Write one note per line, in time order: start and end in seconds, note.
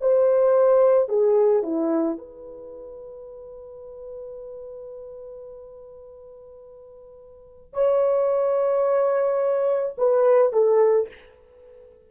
0.00 1.09 C5
1.09 1.62 G#4
1.62 2.17 E4
2.17 7.73 B4
7.73 9.95 C#5
9.97 10.52 B4
10.52 11.08 A4